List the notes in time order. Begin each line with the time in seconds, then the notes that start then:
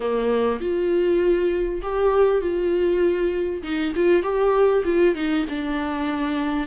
0.00 A#3
0.60 F4
1.82 G4
2.41 F4
3.62 D#4
3.95 F4
4.22 G4
4.85 F4
5.15 D#4
5.49 D4